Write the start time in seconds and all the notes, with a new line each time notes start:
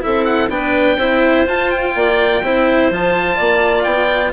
0.00 C4 E4 A4 E5
0.24 F#5
0.48 B3 D4 B4 G5
0.96 C4 E4 C5
1.46 F4 A5
1.70 G5
1.95 A#3 D5
2.42 C4 E4 C5
2.90 F3 F4 A5
3.36 A#3 D5
3.83 B3 G5